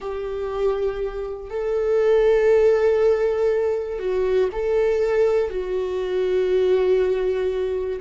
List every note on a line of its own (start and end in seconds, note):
0.00 1.50 G4
1.50 3.99 A4
3.99 4.49 F#4
4.52 5.50 A4
5.50 8.00 F#4